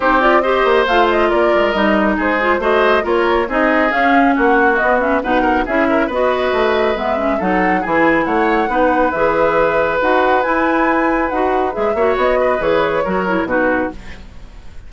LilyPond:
<<
  \new Staff \with { instrumentName = "flute" } { \time 4/4 \tempo 4 = 138 c''8 d''8 dis''4 f''8 dis''8 d''4 | dis''4 c''4 dis''4 cis''4 | dis''4 f''4 fis''4 dis''8 e''8 | fis''4 e''4 dis''2 |
e''4 fis''4 gis''4 fis''4~ | fis''4 e''2 fis''4 | gis''2 fis''4 e''4 | dis''4 cis''2 b'4 | }
  \new Staff \with { instrumentName = "oboe" } { \time 4/4 g'4 c''2 ais'4~ | ais'4 gis'4 c''4 ais'4 | gis'2 fis'2 | b'8 ais'8 gis'8 ais'8 b'2~ |
b'4 a'4 gis'4 cis''4 | b'1~ | b'2.~ b'8 cis''8~ | cis''8 b'4. ais'4 fis'4 | }
  \new Staff \with { instrumentName = "clarinet" } { \time 4/4 dis'8 f'8 g'4 f'2 | dis'4. f'8 fis'4 f'4 | dis'4 cis'2 b8 cis'8 | dis'4 e'4 fis'2 |
b8 cis'8 dis'4 e'2 | dis'4 gis'2 fis'4 | e'2 fis'4 gis'8 fis'8~ | fis'4 gis'4 fis'8 e'8 dis'4 | }
  \new Staff \with { instrumentName = "bassoon" } { \time 4/4 c'4. ais8 a4 ais8 gis8 | g4 gis4 a4 ais4 | c'4 cis'4 ais4 b4 | b,4 cis'4 b4 a4 |
gis4 fis4 e4 a4 | b4 e2 dis'4 | e'2 dis'4 gis8 ais8 | b4 e4 fis4 b,4 | }
>>